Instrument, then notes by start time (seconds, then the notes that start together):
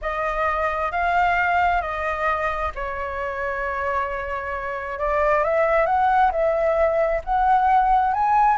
flute
0.01 D#5
0.91 F5
1.81 D#5
2.75 C#5
4.98 D5
5.44 E5
5.86 F#5
6.31 E5
7.24 F#5
8.13 G#5